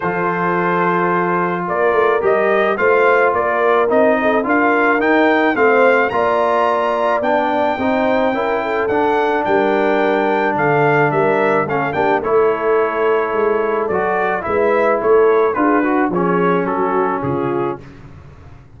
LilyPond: <<
  \new Staff \with { instrumentName = "trumpet" } { \time 4/4 \tempo 4 = 108 c''2. d''4 | dis''4 f''4 d''4 dis''4 | f''4 g''4 f''4 ais''4~ | ais''4 g''2. |
fis''4 g''2 f''4 | e''4 f''8 g''8 cis''2~ | cis''4 d''4 e''4 cis''4 | b'4 cis''4 a'4 gis'4 | }
  \new Staff \with { instrumentName = "horn" } { \time 4/4 a'2. ais'4~ | ais'4 c''4 ais'4. a'8 | ais'2 c''4 d''4~ | d''2 c''4 ais'8 a'8~ |
a'4 ais'2 a'4 | ais'4 a'8 g'8 a'2~ | a'2 b'4 a'4 | gis'8 fis'8 gis'4 fis'4 f'4 | }
  \new Staff \with { instrumentName = "trombone" } { \time 4/4 f'1 | g'4 f'2 dis'4 | f'4 dis'4 c'4 f'4~ | f'4 d'4 dis'4 e'4 |
d'1~ | d'4 cis'8 d'8 e'2~ | e'4 fis'4 e'2 | f'8 fis'8 cis'2. | }
  \new Staff \with { instrumentName = "tuba" } { \time 4/4 f2. ais8 a8 | g4 a4 ais4 c'4 | d'4 dis'4 a4 ais4~ | ais4 b4 c'4 cis'4 |
d'4 g2 d4 | g4 a8 ais8 a2 | gis4 fis4 gis4 a4 | d'4 f4 fis4 cis4 | }
>>